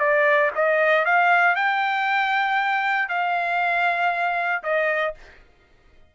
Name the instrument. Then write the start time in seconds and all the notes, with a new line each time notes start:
trumpet
0.00 D5
0.56 D#5
1.06 F5
1.56 G5
3.09 F5
4.63 D#5